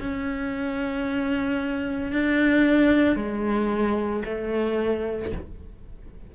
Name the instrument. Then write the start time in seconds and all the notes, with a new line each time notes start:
cello
0.00 C#4
2.13 D4
3.16 G#3
4.25 A3